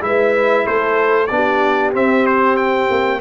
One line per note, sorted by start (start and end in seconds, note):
0.00 0.65 G#3
0.00 1.28 E4
0.00 0.66 B4
0.00 0.66 E5
0.66 1.30 A3
0.66 1.30 A4
0.66 1.26 C5
1.26 1.93 B3
1.26 1.93 D4
1.26 1.90 D5
1.34 3.20 G4
1.93 3.20 C4
1.93 2.89 C4
1.93 2.26 E5
2.26 2.56 C5
2.56 3.20 G5
2.90 3.20 A#3